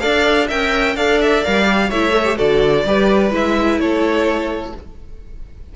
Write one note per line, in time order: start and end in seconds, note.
0.00 0.52 D4
0.00 0.49 A4
0.00 0.48 D5
0.00 0.47 F5
0.48 0.97 C#4
0.48 0.97 A#4
0.48 0.95 E5
0.48 0.97 G5
0.97 1.44 D4
0.97 1.45 A4
0.97 1.90 D5
0.97 1.20 F5
1.21 1.44 E5
1.44 1.91 G3
1.44 1.65 A#4
1.44 1.91 F5
1.65 1.89 G4
1.90 2.39 A3
1.90 2.12 E4
1.90 2.37 C#5
1.90 2.38 E5
2.12 2.24 A4
2.25 2.36 G4
2.37 2.85 D3
2.37 2.85 F#4
2.37 2.84 A4
2.37 3.33 D5
2.85 3.31 G3
2.85 3.31 G4
2.85 3.81 B4
3.31 3.78 G#3
3.31 4.73 E4
3.31 3.80 E5
3.78 4.73 A3
3.78 4.76 A4
3.78 4.75 C#5